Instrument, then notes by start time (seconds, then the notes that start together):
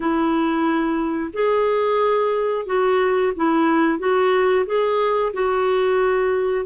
clarinet
0.00 E4
1.33 G#4
2.65 F#4
3.36 E4
3.98 F#4
4.65 G#4
5.33 F#4